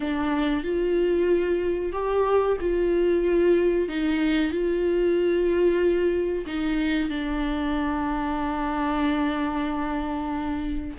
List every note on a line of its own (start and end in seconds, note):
0.00 0.63 D4
0.63 1.92 F4
1.92 2.56 G4
2.60 3.88 F4
3.88 4.51 D#4
4.51 6.45 F4
6.46 7.09 D#4
7.09 10.96 D4